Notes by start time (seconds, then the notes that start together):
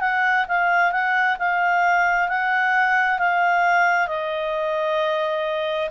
0.00 F#5
0.48 F5
0.91 F#5
1.38 F5
2.28 F#5
3.19 F5
4.07 D#5